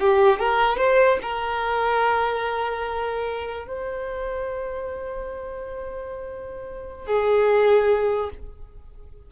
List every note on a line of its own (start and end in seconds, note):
0.00 0.39 G4
0.39 0.78 A#4
0.78 1.19 C5
1.23 3.67 A#4
3.67 7.06 C5
7.07 8.30 G#4